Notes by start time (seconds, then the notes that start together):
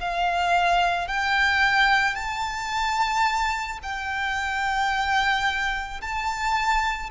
0.00 F5
1.08 G5
2.15 A5
3.83 G5
6.01 A5